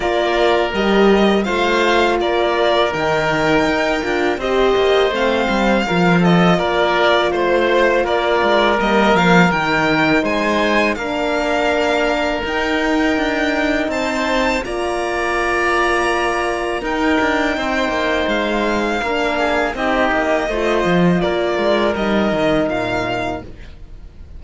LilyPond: <<
  \new Staff \with { instrumentName = "violin" } { \time 4/4 \tempo 4 = 82 d''4 dis''4 f''4 d''4 | g''2 dis''4 f''4~ | f''8 dis''8 d''4 c''4 d''4 | dis''8 f''8 g''4 gis''4 f''4~ |
f''4 g''2 a''4 | ais''2. g''4~ | g''4 f''2 dis''4~ | dis''4 d''4 dis''4 f''4 | }
  \new Staff \with { instrumentName = "oboe" } { \time 4/4 ais'2 c''4 ais'4~ | ais'2 c''2 | ais'8 a'8 ais'4 c''4 ais'4~ | ais'2 c''4 ais'4~ |
ais'2. c''4 | d''2. ais'4 | c''2 ais'8 gis'8 g'4 | c''4 ais'2. | }
  \new Staff \with { instrumentName = "horn" } { \time 4/4 f'4 g'4 f'2 | dis'4. f'8 g'4 c'4 | f'1 | ais4 dis'2 d'4~ |
d'4 dis'2. | f'2. dis'4~ | dis'2 d'4 dis'4 | f'2 dis'2 | }
  \new Staff \with { instrumentName = "cello" } { \time 4/4 ais4 g4 a4 ais4 | dis4 dis'8 d'8 c'8 ais8 a8 g8 | f4 ais4 a4 ais8 gis8 | g8 f8 dis4 gis4 ais4~ |
ais4 dis'4 d'4 c'4 | ais2. dis'8 d'8 | c'8 ais8 gis4 ais4 c'8 ais8 | a8 f8 ais8 gis8 g8 dis8 ais,4 | }
>>